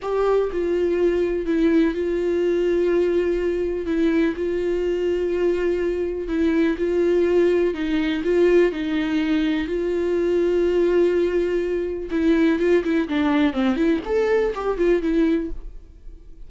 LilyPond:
\new Staff \with { instrumentName = "viola" } { \time 4/4 \tempo 4 = 124 g'4 f'2 e'4 | f'1 | e'4 f'2.~ | f'4 e'4 f'2 |
dis'4 f'4 dis'2 | f'1~ | f'4 e'4 f'8 e'8 d'4 | c'8 e'8 a'4 g'8 f'8 e'4 | }